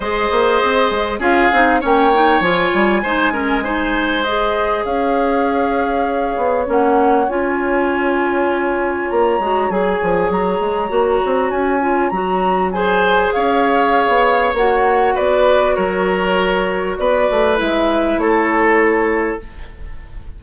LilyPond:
<<
  \new Staff \with { instrumentName = "flute" } { \time 4/4 \tempo 4 = 99 dis''2 f''4 g''4 | gis''2. dis''4 | f''2. fis''4 | gis''2. ais''4 |
gis''4 ais''2 gis''4 | ais''4 gis''4 f''2 | fis''4 d''4 cis''2 | d''4 e''4 cis''2 | }
  \new Staff \with { instrumentName = "oboe" } { \time 4/4 c''2 gis'4 cis''4~ | cis''4 c''8 ais'8 c''2 | cis''1~ | cis''1~ |
cis''1~ | cis''4 c''4 cis''2~ | cis''4 b'4 ais'2 | b'2 a'2 | }
  \new Staff \with { instrumentName = "clarinet" } { \time 4/4 gis'2 f'8 dis'8 cis'8 dis'8 | f'4 dis'8 cis'8 dis'4 gis'4~ | gis'2. cis'4 | f'2.~ f'8 fis'8 |
gis'2 fis'4. f'8 | fis'4 gis'2. | fis'1~ | fis'4 e'2. | }
  \new Staff \with { instrumentName = "bassoon" } { \time 4/4 gis8 ais8 c'8 gis8 cis'8 c'8 ais4 | f8 g8 gis2. | cis'2~ cis'8 b8 ais4 | cis'2. ais8 gis8 |
fis8 f8 fis8 gis8 ais8 c'8 cis'4 | fis2 cis'4~ cis'16 b8. | ais4 b4 fis2 | b8 a8 gis4 a2 | }
>>